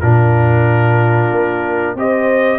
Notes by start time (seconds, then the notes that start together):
0.00 A#2 D4 F4 A#4
1.31 A#3
1.95 C4 G4 C5 D#5